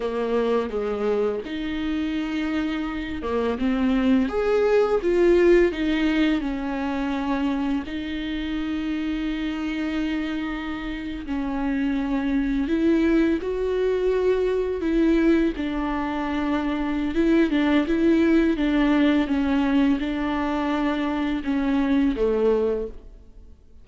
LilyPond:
\new Staff \with { instrumentName = "viola" } { \time 4/4 \tempo 4 = 84 ais4 gis4 dis'2~ | dis'8 ais8 c'4 gis'4 f'4 | dis'4 cis'2 dis'4~ | dis'2.~ dis'8. cis'16~ |
cis'4.~ cis'16 e'4 fis'4~ fis'16~ | fis'8. e'4 d'2~ d'16 | e'8 d'8 e'4 d'4 cis'4 | d'2 cis'4 a4 | }